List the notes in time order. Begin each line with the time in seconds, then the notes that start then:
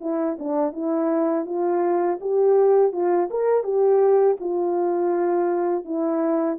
0.00 E4
0.39 D4
0.72 E4
1.45 F4
2.21 G4
2.92 F4
3.30 A#4
3.63 G4
4.40 F4
5.84 E4